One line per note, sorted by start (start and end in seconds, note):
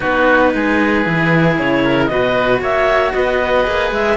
0.00 0.54 B3
0.00 1.03 D#4
0.00 0.52 F#4
0.00 1.55 B4
0.54 1.05 G#3
0.54 1.83 G#4
1.04 1.58 E3
1.04 2.08 E4
1.59 2.11 C#3
1.59 2.05 C#5
1.83 2.09 A#4
2.05 2.60 B2
2.05 3.64 F#4
2.05 2.61 B4
2.05 2.57 D#5
2.60 3.12 A#3
2.60 3.13 C#5
2.60 3.12 E5
3.12 3.66 B3
3.12 4.17 B4
3.12 3.90 D#5
3.64 3.91 A#3
3.64 4.16 G#4
3.91 4.17 G#3
3.91 4.17 E5